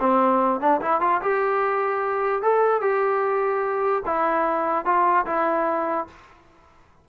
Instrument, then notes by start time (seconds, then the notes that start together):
trombone
0.00 C4
0.61 D4
0.81 E4
1.01 F4
1.22 G4
2.42 A4
2.81 G4
4.05 E4
4.85 F4
5.26 E4